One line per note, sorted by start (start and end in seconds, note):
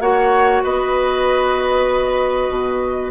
0.00 0.62 A#3
0.00 3.11 F#4
0.00 0.63 C#5
0.00 0.63 F#5
0.63 2.49 B3
0.63 3.11 B4
0.63 3.11 D#5
2.49 3.11 B2